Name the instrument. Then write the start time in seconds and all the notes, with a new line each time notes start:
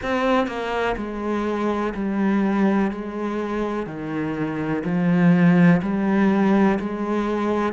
cello
0.02 C4
0.47 A#3
0.96 G#3
1.94 G3
2.91 G#3
3.86 D#3
4.84 F3
5.82 G3
6.79 G#3